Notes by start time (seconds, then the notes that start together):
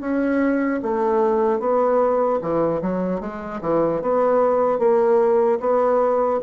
0.00 C#4
0.82 A3
1.59 B3
2.41 E3
2.81 F#3
3.20 G#3
3.61 E3
4.01 B3
4.79 A#3
5.60 B3